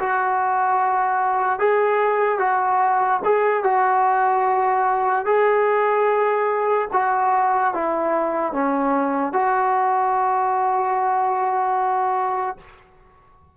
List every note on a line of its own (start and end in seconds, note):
0.00 1.60 F#4
1.60 2.39 G#4
2.39 3.20 F#4
3.25 3.64 G#4
3.64 5.26 F#4
5.26 6.88 G#4
6.93 7.74 F#4
7.75 8.53 E4
8.53 9.33 C#4
9.33 12.57 F#4